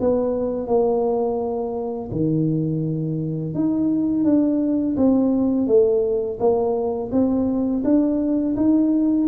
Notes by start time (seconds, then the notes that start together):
0.00 B3
0.67 A#3
2.11 D#3
3.54 D#4
4.24 D4
4.96 C4
5.67 A3
6.39 A#3
7.11 C4
7.84 D4
8.56 D#4